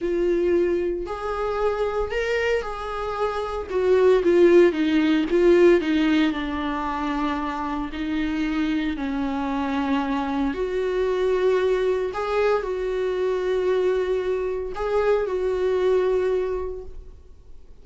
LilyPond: \new Staff \with { instrumentName = "viola" } { \time 4/4 \tempo 4 = 114 f'2 gis'2 | ais'4 gis'2 fis'4 | f'4 dis'4 f'4 dis'4 | d'2. dis'4~ |
dis'4 cis'2. | fis'2. gis'4 | fis'1 | gis'4 fis'2. | }